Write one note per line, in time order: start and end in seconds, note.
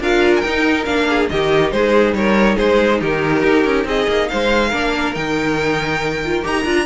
0.00 0.43 D4
0.00 0.44 F4
0.00 1.08 A#4
0.00 0.35 F5
0.36 0.84 G5
0.36 0.41 G#5
0.44 0.86 D#4
0.44 0.87 D#4
0.85 1.30 A#3
0.85 1.29 D4
0.85 1.28 F5
1.09 1.31 G#4
1.29 1.72 D#3
1.29 4.73 D#4
1.29 1.74 G4
1.29 1.71 D#5
1.71 2.13 G#3
1.71 2.17 G#4
1.71 2.14 C5
2.13 2.56 G3
2.13 2.56 A#4
2.13 2.58 C#5
2.56 3.01 G#3
2.56 2.99 G#4
2.56 3.01 C5
3.00 3.43 D#3
3.00 3.86 G4
3.00 3.87 A#4
3.43 3.65 D#4
3.65 3.85 C#4
3.85 4.06 C4
3.85 4.30 G#4
3.85 4.28 D#5
4.08 4.29 A#3
4.28 4.73 G#3
4.28 4.68 C5
4.28 5.14 F5
4.68 5.15 A#3
4.68 5.15 D4
4.68 6.83 A#4
5.15 6.44 D#3
5.15 6.22 D#4
5.15 6.43 G5
6.25 6.42 F4
6.42 6.65 D#4
6.42 6.64 G4
6.42 6.86 A#5
6.65 6.86 D4
6.65 6.86 F4